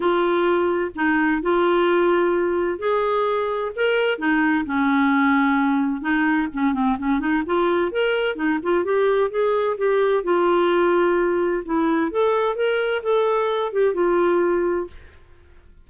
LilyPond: \new Staff \with { instrumentName = "clarinet" } { \time 4/4 \tempo 4 = 129 f'2 dis'4 f'4~ | f'2 gis'2 | ais'4 dis'4 cis'2~ | cis'4 dis'4 cis'8 c'8 cis'8 dis'8 |
f'4 ais'4 dis'8 f'8 g'4 | gis'4 g'4 f'2~ | f'4 e'4 a'4 ais'4 | a'4. g'8 f'2 | }